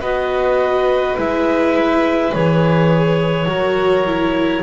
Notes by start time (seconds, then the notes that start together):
0.00 B3 F#4 B4 D#5
1.17 G#3 E4 E5
2.33 E3 G#4 C#5
3.46 F#3 F#4 A#4
4.06 E4